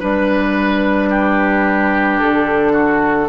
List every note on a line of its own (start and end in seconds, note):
0.00 2.21 G3
0.00 3.28 D4
0.00 1.09 B4
0.00 2.20 B4
1.10 2.73 G4
2.20 3.29 D3
2.20 3.29 A4
2.73 3.27 F#4